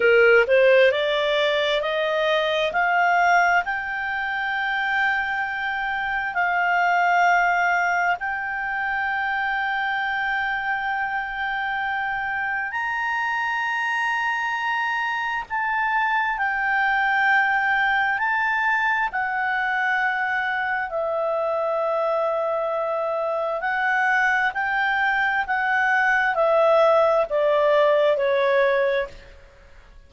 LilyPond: \new Staff \with { instrumentName = "clarinet" } { \time 4/4 \tempo 4 = 66 ais'8 c''8 d''4 dis''4 f''4 | g''2. f''4~ | f''4 g''2.~ | g''2 ais''2~ |
ais''4 a''4 g''2 | a''4 fis''2 e''4~ | e''2 fis''4 g''4 | fis''4 e''4 d''4 cis''4 | }